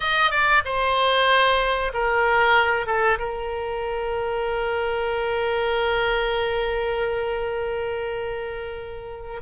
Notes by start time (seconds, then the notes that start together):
0.00 D#5
0.30 D5
0.64 C5
1.93 A#4
2.86 A4
3.18 A#4